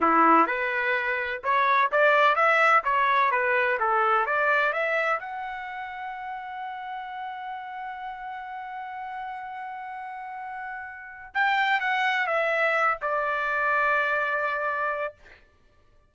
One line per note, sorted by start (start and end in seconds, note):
0.00 0.47 E4
0.47 1.41 B4
1.43 1.90 C#5
1.91 2.35 D5
2.35 2.82 E5
2.83 3.31 C#5
3.31 3.78 B4
3.79 4.25 A4
4.25 4.72 D5
4.72 5.19 E5
5.19 11.34 F#5
11.34 11.80 G5
11.80 12.27 F#5
12.27 12.97 E5
13.01 15.14 D5